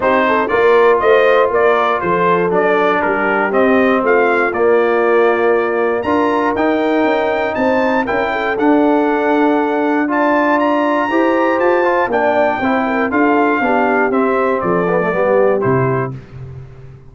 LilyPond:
<<
  \new Staff \with { instrumentName = "trumpet" } { \time 4/4 \tempo 4 = 119 c''4 d''4 dis''4 d''4 | c''4 d''4 ais'4 dis''4 | f''4 d''2. | ais''4 g''2 a''4 |
g''4 fis''2. | a''4 ais''2 a''4 | g''2 f''2 | e''4 d''2 c''4 | }
  \new Staff \with { instrumentName = "horn" } { \time 4/4 g'8 a'8 ais'4 c''4 ais'4 | a'2 g'2 | f'1 | ais'2. c''4 |
ais'8 a'2.~ a'8 | d''2 c''2 | d''4 c''8 ais'8 a'4 g'4~ | g'4 a'4 g'2 | }
  \new Staff \with { instrumentName = "trombone" } { \time 4/4 dis'4 f'2.~ | f'4 d'2 c'4~ | c'4 ais2. | f'4 dis'2. |
e'4 d'2. | f'2 g'4. f'8 | d'4 e'4 f'4 d'4 | c'4. b16 a16 b4 e'4 | }
  \new Staff \with { instrumentName = "tuba" } { \time 4/4 c'4 ais4 a4 ais4 | f4 fis4 g4 c'4 | a4 ais2. | d'4 dis'4 cis'4 c'4 |
cis'4 d'2.~ | d'2 e'4 f'4 | ais4 c'4 d'4 b4 | c'4 f4 g4 c4 | }
>>